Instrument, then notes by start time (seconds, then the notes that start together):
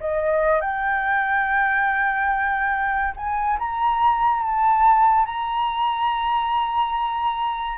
flute
0.00 D#5
0.61 G5
3.16 G#5
3.59 A#5
4.43 A5
5.26 A#5